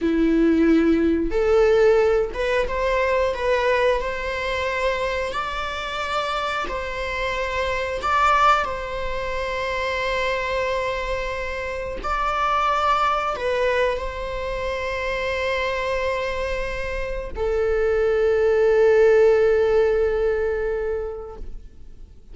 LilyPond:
\new Staff \with { instrumentName = "viola" } { \time 4/4 \tempo 4 = 90 e'2 a'4. b'8 | c''4 b'4 c''2 | d''2 c''2 | d''4 c''2.~ |
c''2 d''2 | b'4 c''2.~ | c''2 a'2~ | a'1 | }